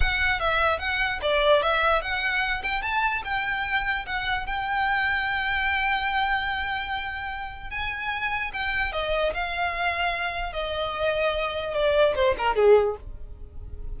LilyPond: \new Staff \with { instrumentName = "violin" } { \time 4/4 \tempo 4 = 148 fis''4 e''4 fis''4 d''4 | e''4 fis''4. g''8 a''4 | g''2 fis''4 g''4~ | g''1~ |
g''2. gis''4~ | gis''4 g''4 dis''4 f''4~ | f''2 dis''2~ | dis''4 d''4 c''8 ais'8 gis'4 | }